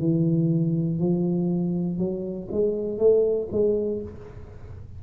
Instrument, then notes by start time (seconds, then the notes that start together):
tuba
0.00 E3
1.00 F3
1.99 F#3
2.52 G#3
2.99 A3
3.52 G#3